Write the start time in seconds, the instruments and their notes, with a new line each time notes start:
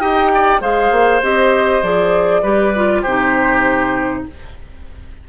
0.00 bassoon D#4, clarinet G4, oboe D#5, flute G5
0.34 oboe D5
0.60 bassoon G#3, clarinet G#4, oboe C5, flute F5
0.91 bassoon A#3
1.22 bassoon C4, clarinet G4, flute D#5
1.82 bassoon F3, clarinet G#4, flute D5
2.42 bassoon G3, clarinet G4, oboe B4
2.75 clarinet F4
3.02 bassoon C3, clarinet D#4, oboe G4, flute C5